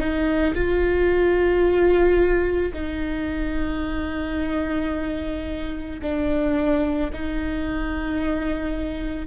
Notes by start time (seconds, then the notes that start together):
0.00 D#4
0.55 F4
2.73 D#4
6.02 D4
7.13 D#4